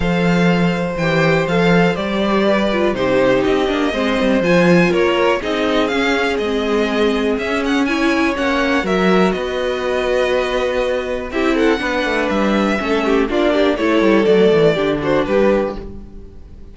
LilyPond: <<
  \new Staff \with { instrumentName = "violin" } { \time 4/4 \tempo 4 = 122 f''2 g''4 f''4 | d''2 c''4 dis''4~ | dis''4 gis''4 cis''4 dis''4 | f''4 dis''2 e''8 fis''8 |
gis''4 fis''4 e''4 dis''4~ | dis''2. e''8 fis''8~ | fis''4 e''2 d''4 | cis''4 d''4. c''8 b'4 | }
  \new Staff \with { instrumentName = "violin" } { \time 4/4 c''1~ | c''4 b'4 g'2 | c''2 ais'4 gis'4~ | gis'1 |
cis''2 ais'4 b'4~ | b'2. g'8 a'8 | b'2 a'8 g'8 f'8 g'8 | a'2 g'8 fis'8 g'4 | }
  \new Staff \with { instrumentName = "viola" } { \time 4/4 a'2 g'4 a'4 | g'4. f'8 dis'4. d'8 | c'4 f'2 dis'4 | cis'4 c'2 cis'4 |
e'4 cis'4 fis'2~ | fis'2. e'4 | d'2 cis'4 d'4 | e'4 a4 d'2 | }
  \new Staff \with { instrumentName = "cello" } { \time 4/4 f2 e4 f4 | g2 c4 c'8 ais8 | gis8 g8 f4 ais4 c'4 | cis'4 gis2 cis'4~ |
cis'4 ais4 fis4 b4~ | b2. c'4 | b8 a8 g4 a4 ais4 | a8 g8 fis8 e8 d4 g4 | }
>>